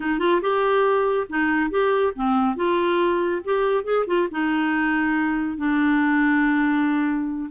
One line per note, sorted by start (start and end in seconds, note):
0.00 0.19 D#4
0.19 0.40 F4
0.41 1.27 G4
1.29 1.70 D#4
1.70 2.13 G4
2.15 2.56 C4
2.56 3.41 F4
3.44 3.84 G4
3.84 4.05 G#4
4.06 4.28 F4
4.31 5.57 D#4
5.57 7.50 D4